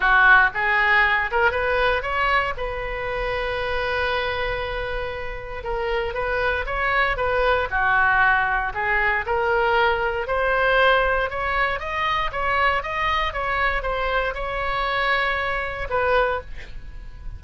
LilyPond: \new Staff \with { instrumentName = "oboe" } { \time 4/4 \tempo 4 = 117 fis'4 gis'4. ais'8 b'4 | cis''4 b'2.~ | b'2. ais'4 | b'4 cis''4 b'4 fis'4~ |
fis'4 gis'4 ais'2 | c''2 cis''4 dis''4 | cis''4 dis''4 cis''4 c''4 | cis''2. b'4 | }